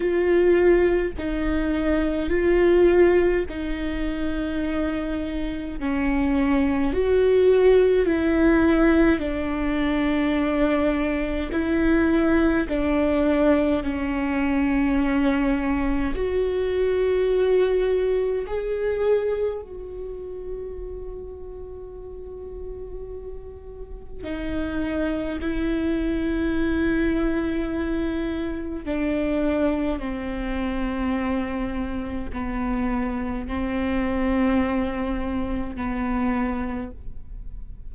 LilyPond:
\new Staff \with { instrumentName = "viola" } { \time 4/4 \tempo 4 = 52 f'4 dis'4 f'4 dis'4~ | dis'4 cis'4 fis'4 e'4 | d'2 e'4 d'4 | cis'2 fis'2 |
gis'4 fis'2.~ | fis'4 dis'4 e'2~ | e'4 d'4 c'2 | b4 c'2 b4 | }